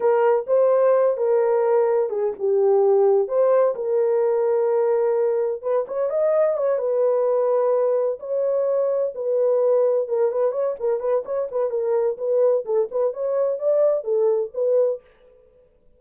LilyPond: \new Staff \with { instrumentName = "horn" } { \time 4/4 \tempo 4 = 128 ais'4 c''4. ais'4.~ | ais'8 gis'8 g'2 c''4 | ais'1 | b'8 cis''8 dis''4 cis''8 b'4.~ |
b'4. cis''2 b'8~ | b'4. ais'8 b'8 cis''8 ais'8 b'8 | cis''8 b'8 ais'4 b'4 a'8 b'8 | cis''4 d''4 a'4 b'4 | }